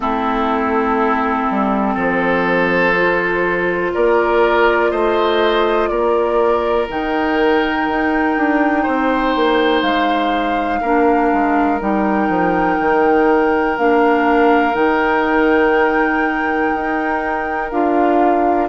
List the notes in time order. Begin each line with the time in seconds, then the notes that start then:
0.00 A3 C4 E4 A4
1.50 G3
1.94 F3 A4 C5
2.95 F4
3.93 A#3 A#4 D5
4.91 A3 C5 D#5
5.88 A#3 A#4 D5
6.88 D#3 D#4 G5
7.88 D#4
8.37 D4
8.82 C4 C5
9.35 A#3
9.82 G#3 F5
10.81 A#3 D4 A#4
11.32 G#3
11.79 G3 D#4 G5
12.28 F3
12.79 D#3
13.77 A#3 D4 F5
14.72 D#3 D#4 G5
16.75 D#4
17.70 D4 F4 F5